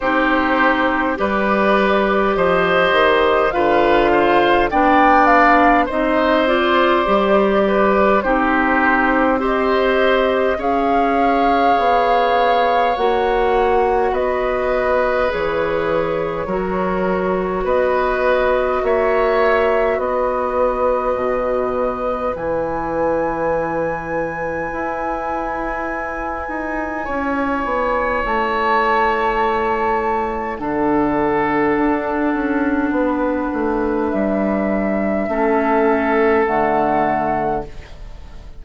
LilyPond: <<
  \new Staff \with { instrumentName = "flute" } { \time 4/4 \tempo 4 = 51 c''4 d''4 dis''4 f''4 | g''8 f''8 dis''8 d''4. c''4 | dis''4 f''2 fis''4 | dis''4 cis''2 dis''4 |
e''4 dis''2 gis''4~ | gis''1 | a''2 fis''2~ | fis''4 e''2 fis''4 | }
  \new Staff \with { instrumentName = "oboe" } { \time 4/4 g'4 b'4 c''4 b'8 c''8 | d''4 c''4. b'8 g'4 | c''4 cis''2. | b'2 ais'4 b'4 |
cis''4 b'2.~ | b'2. cis''4~ | cis''2 a'2 | b'2 a'2 | }
  \new Staff \with { instrumentName = "clarinet" } { \time 4/4 dis'4 g'2 f'4 | d'4 dis'8 f'8 g'4 dis'4 | g'4 gis'2 fis'4~ | fis'4 gis'4 fis'2~ |
fis'2. e'4~ | e'1~ | e'2 d'2~ | d'2 cis'4 a4 | }
  \new Staff \with { instrumentName = "bassoon" } { \time 4/4 c'4 g4 f8 dis8 d4 | b4 c'4 g4 c'4~ | c'4 cis'4 b4 ais4 | b4 e4 fis4 b4 |
ais4 b4 b,4 e4~ | e4 e'4. dis'8 cis'8 b8 | a2 d4 d'8 cis'8 | b8 a8 g4 a4 d4 | }
>>